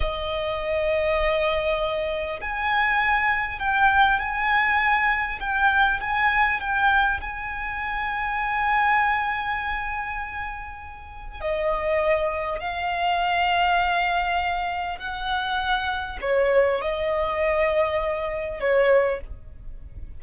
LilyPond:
\new Staff \with { instrumentName = "violin" } { \time 4/4 \tempo 4 = 100 dis''1 | gis''2 g''4 gis''4~ | gis''4 g''4 gis''4 g''4 | gis''1~ |
gis''2. dis''4~ | dis''4 f''2.~ | f''4 fis''2 cis''4 | dis''2. cis''4 | }